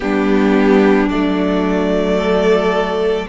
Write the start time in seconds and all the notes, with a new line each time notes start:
0.00 G3 B3 D4 G4
1.07 F#3 A3 D5
2.17 A4